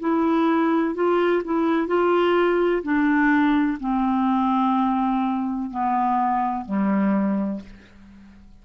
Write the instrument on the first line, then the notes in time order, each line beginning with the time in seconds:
clarinet
0.00 E4
0.95 F4
1.45 E4
1.87 F4
2.83 D4
3.80 C4
5.71 B3
6.65 G3